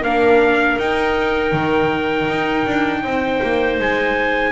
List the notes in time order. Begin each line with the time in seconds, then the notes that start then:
0.00 A#3 D4 A#4 F5
0.79 D#4 G5
1.52 D#3
2.28 D#4
2.66 D4
3.03 C4 C5
3.43 A#3
3.79 G#3 G#5